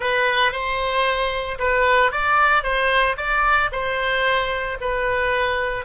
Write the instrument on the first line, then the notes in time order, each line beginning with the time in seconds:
oboe
0.00 B4
0.52 C5
1.59 B4
2.11 D5
2.63 C5
3.16 D5
3.72 C5
4.80 B4